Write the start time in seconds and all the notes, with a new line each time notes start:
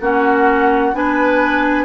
0.00 A#3 C#4 F#4 F#5
0.93 B3 D4 B4 G#5